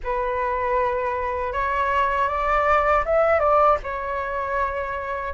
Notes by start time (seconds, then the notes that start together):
0.03 B4
1.52 C#5
2.28 D5
3.05 E5
3.39 D5
3.83 C#5